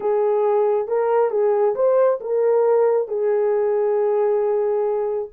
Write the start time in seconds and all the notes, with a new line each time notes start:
0.00 G#4
0.87 A#4
1.30 G#4
1.75 C5
2.20 A#4
3.08 G#4